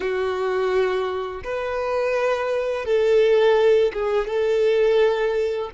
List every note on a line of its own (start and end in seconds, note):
0.00 1.42 F#4
1.44 2.85 B4
2.85 3.92 A4
3.93 4.27 G#4
4.27 5.70 A4